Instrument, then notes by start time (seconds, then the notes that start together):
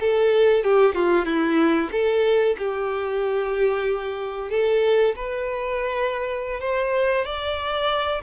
violin
0.00 A4
0.64 G4
0.94 F4
1.25 E4
1.91 A4
2.58 G4
4.50 A4
5.16 B4
6.60 C5
7.25 D5